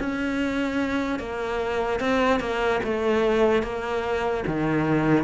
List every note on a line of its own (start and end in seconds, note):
0.00 1.19 C#4
1.19 2.00 A#3
2.00 2.40 C4
2.40 2.81 A#3
2.84 3.63 A3
3.63 4.44 A#3
4.47 5.24 D#3